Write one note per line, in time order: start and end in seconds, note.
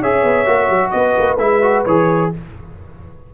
0.00 0.23 C#4
0.00 0.46 G#4
0.00 0.92 C#5
0.00 0.91 E5
0.23 0.46 B3
0.46 0.70 A#3
0.46 1.38 F#4
0.70 0.93 F#3
0.91 1.17 B3
0.91 1.37 D#5
0.97 2.34 B4
1.19 1.40 A#3
1.39 1.85 G#3
1.39 1.63 E4
1.39 1.85 E5
1.63 1.86 F#4
1.86 2.32 E3
1.86 2.34 G#4
1.86 2.31 C#5